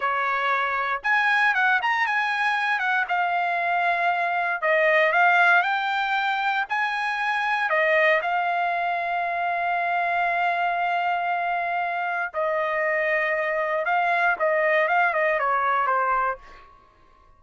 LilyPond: \new Staff \with { instrumentName = "trumpet" } { \time 4/4 \tempo 4 = 117 cis''2 gis''4 fis''8 ais''8 | gis''4. fis''8 f''2~ | f''4 dis''4 f''4 g''4~ | g''4 gis''2 dis''4 |
f''1~ | f''1 | dis''2. f''4 | dis''4 f''8 dis''8 cis''4 c''4 | }